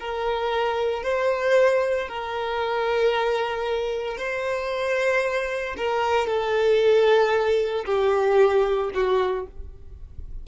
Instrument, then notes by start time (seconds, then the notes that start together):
violin
0.00 A#4
1.03 C5
2.08 A#4
4.18 C5
5.78 A#4
6.27 A4
7.86 G4
8.94 F#4